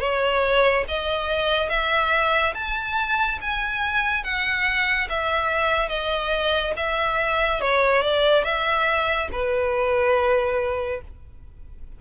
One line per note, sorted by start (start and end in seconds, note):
0.00 0.85 C#5
0.88 1.69 D#5
1.69 2.54 E5
2.54 3.39 A5
3.41 4.23 G#5
4.23 5.08 F#5
5.09 5.89 E5
5.89 6.73 D#5
6.76 7.61 E5
7.61 8.02 C#5
8.02 8.44 D5
8.44 9.28 E5
9.32 11.01 B4